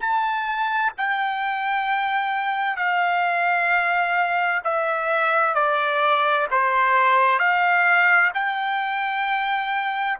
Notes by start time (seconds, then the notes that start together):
0.00 A5
0.97 G5
2.77 F5
4.64 E5
5.54 D5
6.51 C5
7.38 F5
8.34 G5